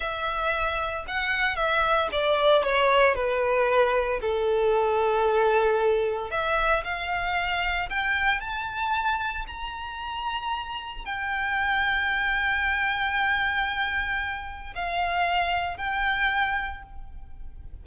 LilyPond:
\new Staff \with { instrumentName = "violin" } { \time 4/4 \tempo 4 = 114 e''2 fis''4 e''4 | d''4 cis''4 b'2 | a'1 | e''4 f''2 g''4 |
a''2 ais''2~ | ais''4 g''2.~ | g''1 | f''2 g''2 | }